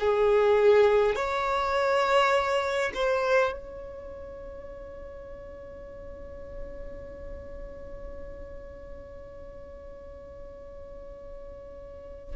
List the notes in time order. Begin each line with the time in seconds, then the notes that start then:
0.00 G#4
1.16 C#5
2.95 C5
3.52 C#5